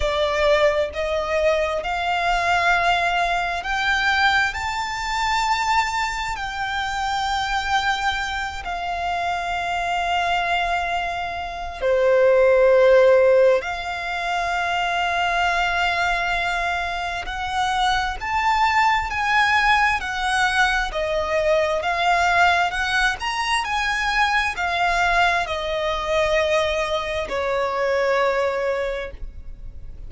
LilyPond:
\new Staff \with { instrumentName = "violin" } { \time 4/4 \tempo 4 = 66 d''4 dis''4 f''2 | g''4 a''2 g''4~ | g''4. f''2~ f''8~ | f''4 c''2 f''4~ |
f''2. fis''4 | a''4 gis''4 fis''4 dis''4 | f''4 fis''8 ais''8 gis''4 f''4 | dis''2 cis''2 | }